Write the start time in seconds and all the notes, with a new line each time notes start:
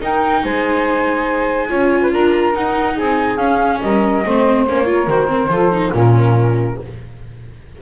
0.00 D#4 A#4 G5
0.44 G#3 C5 G#5
1.69 C#4 F4 C#5
2.02 B4
2.13 D4 A#4 A#5
2.54 D#4 F#5
2.95 C4 G#4 G#5
3.37 C#4 F5
3.81 G3 A#4 D#5
4.26 A3 C4 C5
4.68 A#3 C#4 C#5
4.85 F4 A#4
5.08 D#3 F#4 C5
5.28 C4
5.49 F3 F4 A4
5.72 D#4
5.92 A#2 C#4 F4 A#4